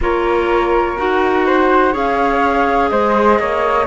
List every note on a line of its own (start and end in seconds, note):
0.00 0.97 A#3
0.00 0.97 F4
0.00 1.46 A#4
0.00 0.98 C#5
0.97 1.94 D#4
0.97 1.92 F#4
0.97 1.95 F#5
1.46 1.92 C5
1.92 2.91 C#4
1.92 3.85 G#4
1.92 2.89 C#5
1.92 2.89 F5
2.89 3.39 G#3
2.89 3.39 C5
2.89 3.86 D#5
3.39 3.86 A#3
3.39 3.86 C#5